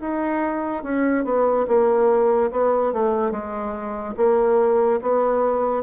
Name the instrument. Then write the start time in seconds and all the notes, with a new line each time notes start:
bassoon
0.00 D#4
0.83 C#4
1.25 B3
1.68 A#3
2.52 B3
2.93 A3
3.31 G#3
4.17 A#3
5.02 B3